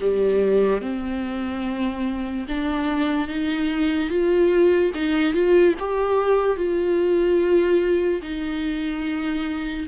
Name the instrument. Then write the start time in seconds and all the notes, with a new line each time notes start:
viola
0.00 G3
0.81 C4
2.48 D4
3.28 D#4
4.09 F4
4.94 D#4
5.33 F4
5.79 G4
6.57 F4
8.22 D#4